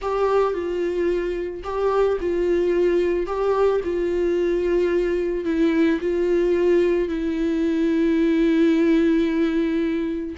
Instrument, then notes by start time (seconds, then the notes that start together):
viola
0.01 G4
0.53 F4
1.63 G4
2.20 F4
3.26 G4
3.84 F4
5.44 E4
6.00 F4
7.08 E4